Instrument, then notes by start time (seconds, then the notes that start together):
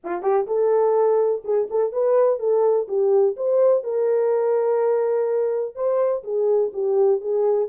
horn
0.03 F4
0.22 G4
0.46 A4
1.44 G#4
1.70 A4
1.92 B4
2.39 A4
2.88 G4
3.36 C5
3.83 A#4
5.75 C5
6.23 G#4
6.73 G4
7.20 G#4